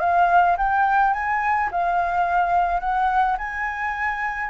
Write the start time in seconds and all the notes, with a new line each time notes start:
0.00 F5
0.58 G5
1.13 G#5
1.72 F5
2.80 F#5
3.38 G#5